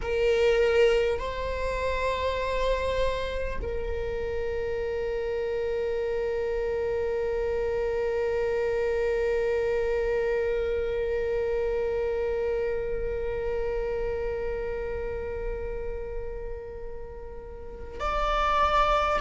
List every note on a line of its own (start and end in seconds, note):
0.01 1.18 A#4
1.18 3.58 C5
3.62 17.99 A#4
17.99 19.19 D5